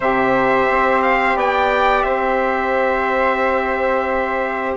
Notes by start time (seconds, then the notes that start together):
0.00 C3 G4 C5 E5
0.69 C4
1.02 F5
1.35 B3 D5 G5
2.02 C4 C5 E5